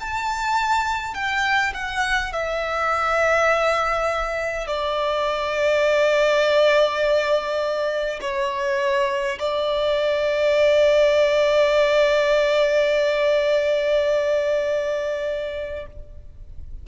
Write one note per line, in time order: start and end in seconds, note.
0.00 1.14 A5
1.14 1.73 G5
1.74 2.33 F#5
2.33 4.67 E5
4.67 8.20 D5
8.21 9.39 C#5
9.39 15.86 D5